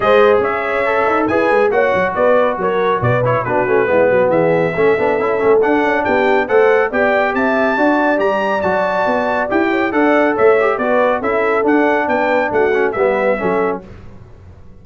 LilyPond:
<<
  \new Staff \with { instrumentName = "trumpet" } { \time 4/4 \tempo 4 = 139 dis''4 e''2 gis''4 | fis''4 d''4 cis''4 d''8 cis''8 | b'2 e''2~ | e''4 fis''4 g''4 fis''4 |
g''4 a''2 ais''4 | a''2 g''4 fis''4 | e''4 d''4 e''4 fis''4 | g''4 fis''4 e''2 | }
  \new Staff \with { instrumentName = "horn" } { \time 4/4 c''4 cis''2 b'4 | cis''4 b'4 ais'4 b'4 | fis'4 e'8 fis'8 gis'4 a'4~ | a'2 g'4 c''4 |
d''4 e''4 d''2~ | d''2~ d''8 cis''8 d''4 | cis''4 b'4 a'2 | b'4 fis'4 b'4 a'4 | }
  \new Staff \with { instrumentName = "trombone" } { \time 4/4 gis'2 a'4 gis'4 | fis'2.~ fis'8 e'8 | d'8 cis'8 b2 cis'8 d'8 | e'8 cis'8 d'2 a'4 |
g'2 fis'4 g'4 | fis'2 g'4 a'4~ | a'8 g'8 fis'4 e'4 d'4~ | d'4. cis'8 b4 cis'4 | }
  \new Staff \with { instrumentName = "tuba" } { \time 4/4 gis4 cis'4. dis'8 e'8 gis8 | ais8 fis8 b4 fis4 b,4 | b8 a8 gis8 fis8 e4 a8 b8 | cis'8 a8 d'8 cis'8 b4 a4 |
b4 c'4 d'4 g4 | fis4 b4 e'4 d'4 | a4 b4 cis'4 d'4 | b4 a4 g4 fis4 | }
>>